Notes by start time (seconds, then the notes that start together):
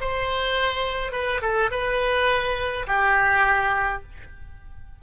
0.00 C5
1.11 B4
1.41 A4
1.70 B4
2.87 G4